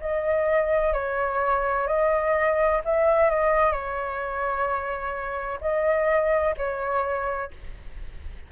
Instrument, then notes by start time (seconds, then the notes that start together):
flute
0.00 D#5
0.93 C#5
1.87 D#5
2.84 E5
3.29 D#5
3.72 C#5
5.60 D#5
6.57 C#5